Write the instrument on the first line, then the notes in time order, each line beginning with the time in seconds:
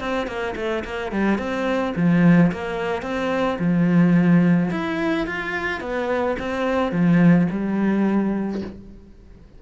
cello
0.00 C4
0.27 A#3
0.56 A3
0.85 A#3
1.12 G3
1.38 C4
1.96 F3
2.52 A#3
3.03 C4
3.59 F3
4.71 E4
5.27 F4
5.81 B3
6.39 C4
6.92 F3
7.51 G3